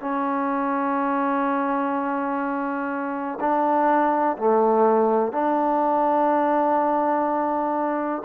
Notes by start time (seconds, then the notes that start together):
0.00 C#4
3.40 D4
4.38 A3
5.32 D4